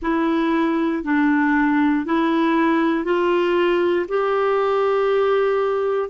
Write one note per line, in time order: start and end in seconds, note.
0.01 1.03 E4
1.04 2.05 D4
2.05 3.04 E4
3.04 4.06 F4
4.08 6.09 G4